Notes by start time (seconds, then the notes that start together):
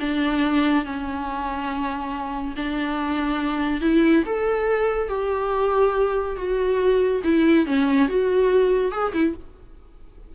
0.00 D4
0.85 C#4
2.56 D4
3.81 E4
4.26 A4
5.09 G4
6.37 F#4
7.24 E4
7.67 C#4
8.09 F#4
8.91 G#4
9.14 E4